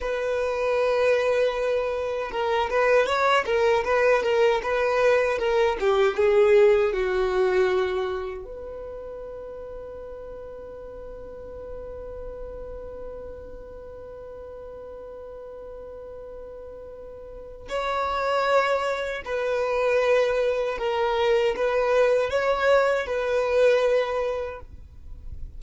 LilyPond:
\new Staff \with { instrumentName = "violin" } { \time 4/4 \tempo 4 = 78 b'2. ais'8 b'8 | cis''8 ais'8 b'8 ais'8 b'4 ais'8 g'8 | gis'4 fis'2 b'4~ | b'1~ |
b'1~ | b'2. cis''4~ | cis''4 b'2 ais'4 | b'4 cis''4 b'2 | }